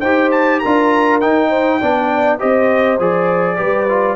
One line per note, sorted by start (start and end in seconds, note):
0.00 0.61 D#4
0.00 0.64 G4
0.00 0.60 C5
0.00 0.30 G5
0.31 0.59 A5
0.59 1.22 D4
0.59 1.21 F4
0.59 1.49 A#4
0.59 1.19 A#5
1.20 1.81 D#4
1.20 2.39 G5
1.49 1.79 C5
1.80 2.41 B3
1.80 2.39 D4
1.80 2.39 D5
2.39 2.99 C4
2.39 2.98 G4
2.39 3.57 C5
2.39 2.99 D#5
2.99 3.59 F3
2.99 3.56 G#4
2.99 4.15 D5
3.56 4.15 G3
3.56 3.86 G4
3.56 4.15 B4
3.88 4.15 F4